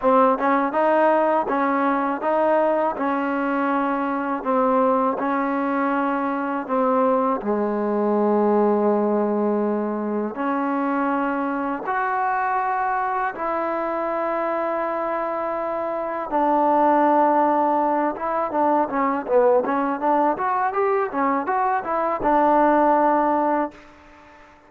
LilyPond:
\new Staff \with { instrumentName = "trombone" } { \time 4/4 \tempo 4 = 81 c'8 cis'8 dis'4 cis'4 dis'4 | cis'2 c'4 cis'4~ | cis'4 c'4 gis2~ | gis2 cis'2 |
fis'2 e'2~ | e'2 d'2~ | d'8 e'8 d'8 cis'8 b8 cis'8 d'8 fis'8 | g'8 cis'8 fis'8 e'8 d'2 | }